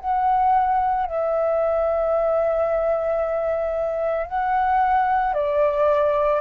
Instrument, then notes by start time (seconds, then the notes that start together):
flute
0.00 F#5
1.06 E5
4.27 F#5
5.34 D5